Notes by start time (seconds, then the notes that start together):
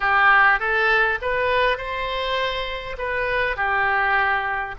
0.00 G4
0.59 A4
1.21 B4
1.77 C5
2.98 B4
3.56 G4